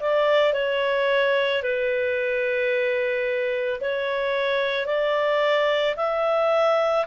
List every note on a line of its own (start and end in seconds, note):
0.00 0.53 D5
0.53 1.62 C#5
1.62 3.80 B4
3.81 4.86 C#5
4.86 5.96 D5
5.97 7.06 E5